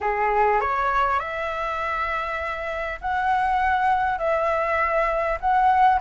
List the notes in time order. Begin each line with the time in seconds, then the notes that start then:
0.00 G#4
0.60 C#5
1.19 E5
3.01 F#5
4.18 E5
5.40 F#5